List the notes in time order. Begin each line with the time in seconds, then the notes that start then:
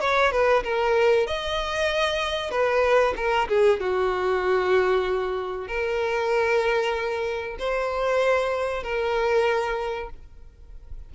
0.00 C#5
0.31 B4
0.63 A#4
1.27 D#5
2.51 B4
3.16 A#4
3.48 G#4
3.80 F#4
5.67 A#4
7.58 C5
8.83 A#4